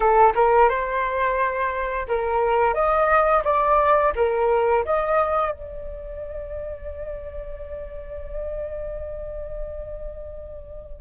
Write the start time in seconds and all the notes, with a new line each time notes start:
0.00 A4
0.34 A#4
0.69 C5
2.08 A#4
2.74 D#5
3.44 D5
4.15 A#4
4.85 D#5
5.51 D5